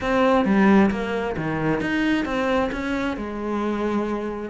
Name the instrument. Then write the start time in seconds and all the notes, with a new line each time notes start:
cello
0.01 C4
0.45 G3
0.90 A#3
1.36 D#3
1.80 D#4
2.25 C4
2.71 C#4
3.16 G#3